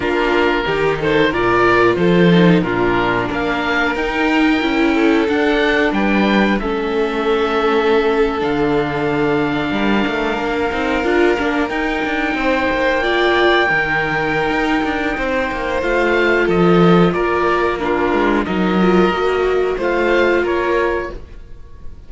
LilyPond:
<<
  \new Staff \with { instrumentName = "oboe" } { \time 4/4 \tempo 4 = 91 ais'4. c''8 d''4 c''4 | ais'4 f''4 g''2 | fis''4 g''4 e''2~ | e''8. f''2.~ f''16~ |
f''4.~ f''16 g''2~ g''16~ | g''1 | f''4 dis''4 d''4 ais'4 | dis''2 f''4 cis''4 | }
  \new Staff \with { instrumentName = "violin" } { \time 4/4 f'4 g'8 a'8 ais'4 a'4 | f'4 ais'2~ ais'8 a'8~ | a'4 b'4 a'2~ | a'2~ a'8. ais'4~ ais'16~ |
ais'2~ ais'8. c''4 d''16~ | d''8. ais'2~ ais'16 c''4~ | c''4 a'4 ais'4 f'4 | ais'2 c''4 ais'4 | }
  \new Staff \with { instrumentName = "viola" } { \time 4/4 d'4 dis'4 f'4. dis'8 | d'2 dis'4 e'4 | d'2 cis'2~ | cis'8. d'2.~ d'16~ |
d'16 dis'8 f'8 d'8 dis'2 f'16~ | f'8. dis'2.~ dis'16 | f'2. d'4 | dis'8 f'8 fis'4 f'2 | }
  \new Staff \with { instrumentName = "cello" } { \time 4/4 ais4 dis4 ais,4 f4 | ais,4 ais4 dis'4 cis'4 | d'4 g4 a2~ | a8. d2 g8 a8 ais16~ |
ais16 c'8 d'8 ais8 dis'8 d'8 c'8 ais8.~ | ais8. dis4~ dis16 dis'8 d'8 c'8 ais8 | a4 f4 ais4. gis8 | fis4 ais4 a4 ais4 | }
>>